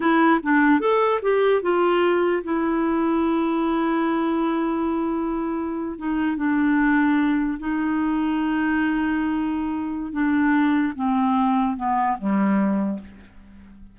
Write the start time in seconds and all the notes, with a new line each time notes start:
0.00 E4
0.43 D4
0.80 A4
1.21 G4
1.62 F4
2.43 E4
5.98 D#4
6.36 D4
7.59 D#4
10.12 D4
10.95 C4
11.77 B3
12.18 G3